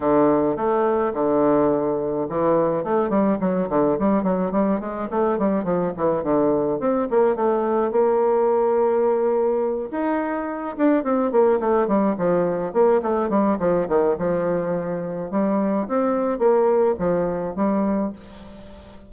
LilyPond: \new Staff \with { instrumentName = "bassoon" } { \time 4/4 \tempo 4 = 106 d4 a4 d2 | e4 a8 g8 fis8 d8 g8 fis8 | g8 gis8 a8 g8 f8 e8 d4 | c'8 ais8 a4 ais2~ |
ais4. dis'4. d'8 c'8 | ais8 a8 g8 f4 ais8 a8 g8 | f8 dis8 f2 g4 | c'4 ais4 f4 g4 | }